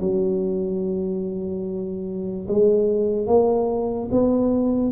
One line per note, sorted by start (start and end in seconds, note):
0.00 2.47 F#3
2.48 3.27 G#3
3.27 4.09 A#3
4.11 4.92 B3